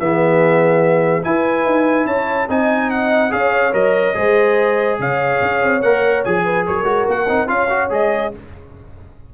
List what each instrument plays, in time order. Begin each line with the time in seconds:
0.00 tuba E3, trombone B3, horn G#4, trumpet E5
1.23 trombone E4, tuba E4, horn B4, trumpet G#5
1.66 tuba D#4
2.06 tuba C#4, horn C#5, trumpet A5
2.49 tuba C4, trombone D#4, horn D#5, trumpet G#5
2.91 trumpet F#5
3.31 tuba C#4, trombone G#4, horn C#5, trumpet F5
3.73 tuba F#3, trombone A#4, trumpet D#5
4.15 tuba G#3, trombone G#4, horn C5
5.00 tuba C#3, horn C#5, trumpet F5
5.42 tuba C#4
5.63 tuba C4
5.82 tuba A#3, trombone A#4, trumpet F#5
6.25 tuba F3, trombone G#4, trumpet G#5
6.44 horn B4
6.67 tuba F#3, horn A#4, trumpet C#5
6.84 tuba G#3, trombone F#4
7.09 tuba A#3, trumpet F#5
7.29 tuba C4, trombone D#4
7.48 tuba C#4, trombone F4, horn C#5, trumpet F5
7.70 trombone F#4
7.90 tuba G#3, trombone G#4, trumpet D#5